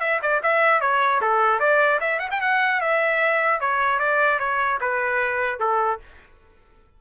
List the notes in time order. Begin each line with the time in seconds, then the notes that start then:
0.00 E5
0.22 D5
0.43 E5
0.81 C#5
1.21 A4
1.59 D5
2.01 E5
2.19 F#5
2.31 G5
2.41 F#5
2.81 E5
3.60 C#5
3.99 D5
4.39 C#5
4.81 B4
5.59 A4